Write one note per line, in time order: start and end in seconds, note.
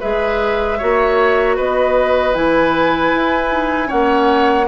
0.00 0.81 G#3
0.00 0.79 G#4
0.00 0.78 B4
0.00 1.56 E5
0.78 1.58 A#3
0.78 2.34 F#4
0.78 1.56 C#5
1.56 2.35 B3
1.56 3.87 B4
1.56 2.35 D#5
2.34 3.13 E3
2.34 3.50 E4
2.34 3.90 G#5
3.15 3.92 E4
3.50 3.86 D#4
3.86 4.68 A#3
3.86 4.64 C#4
3.86 4.65 C#5
3.86 4.68 F#5